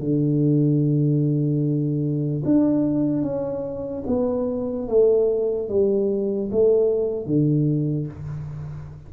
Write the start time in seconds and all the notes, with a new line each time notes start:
0.00 D3
2.45 D4
3.22 C#4
4.07 B3
4.88 A3
5.69 G3
6.52 A3
7.26 D3